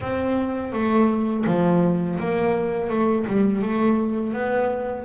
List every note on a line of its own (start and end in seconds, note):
0.00 0.72 C4
0.72 1.44 A3
1.46 2.18 F3
2.19 2.89 A#3
2.89 3.25 A3
3.26 3.61 G3
3.61 4.33 A3
4.33 5.04 B3